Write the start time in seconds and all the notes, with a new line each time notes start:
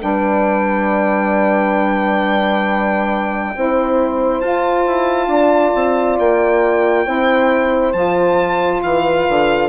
0.00 G3 D4 B4 G5
3.56 C4 E4 C5
4.41 F4 A5
4.87 E4
5.27 D4 D5
5.75 C4
6.19 A#3 G5
7.05 C4 E4 C5
7.93 F3 F4 A5
8.83 E3 B4 F5
9.29 D3